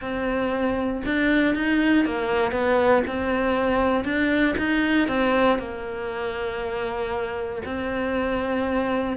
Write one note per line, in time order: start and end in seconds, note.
0.01 1.02 C4
1.05 1.55 D4
1.55 2.05 D#4
2.05 2.51 A#3
2.51 3.02 B3
3.07 4.04 C4
4.04 4.55 D4
4.58 5.08 D#4
5.08 5.58 C4
5.58 7.62 A#3
7.65 9.16 C4